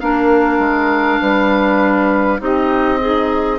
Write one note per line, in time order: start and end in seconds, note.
0.00 0.59 A#3
0.00 2.39 D4
0.00 1.21 A#4
0.00 2.40 F5
0.59 1.19 G#3
1.21 2.40 G3
1.21 2.40 B4
2.39 3.59 C4
2.39 2.99 D#4
2.39 3.00 G4
2.39 3.59 D#5
3.00 3.59 D#4
3.00 3.59 G#4